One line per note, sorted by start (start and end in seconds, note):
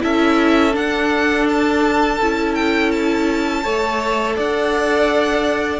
0.00 0.76 C#4
0.00 0.72 E4
0.00 3.63 A4
0.00 0.75 E5
0.72 2.17 D4
0.72 2.20 D4
0.72 1.48 F#5
1.49 2.55 A5
2.21 3.65 C#4
2.21 3.64 E4
2.55 2.91 G5
2.91 4.36 A5
3.63 4.37 A3
3.63 5.80 A4
3.63 4.36 C#5
4.36 5.80 D4
4.36 5.80 D5
4.36 5.80 F#5